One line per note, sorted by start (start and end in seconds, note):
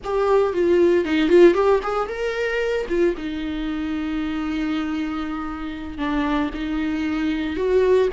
0.04 0.53 G4
0.53 1.04 F4
1.04 1.29 D#4
1.29 1.54 F4
1.54 1.80 G4
1.82 2.08 G#4
2.08 2.86 A#4
2.88 3.14 F4
3.17 5.98 D#4
5.98 6.50 D4
6.54 7.56 D#4
7.56 8.08 F#4